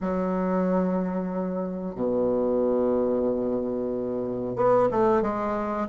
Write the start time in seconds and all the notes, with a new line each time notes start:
0.01 F#3
1.95 B2
4.56 B3
4.91 A3
5.21 G#3